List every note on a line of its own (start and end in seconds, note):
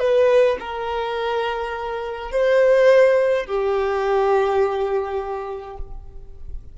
0.00 0.58 B4
0.60 2.32 A#4
2.32 3.47 C5
3.47 5.77 G4